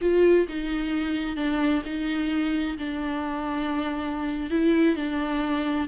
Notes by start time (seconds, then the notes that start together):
0.01 F4
0.48 D#4
1.36 D4
1.85 D#4
2.78 D4
4.50 E4
4.96 D4